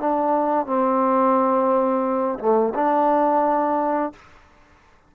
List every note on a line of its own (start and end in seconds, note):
0.00 0.66 D4
0.66 2.38 C4
2.39 2.73 A3
2.74 4.12 D4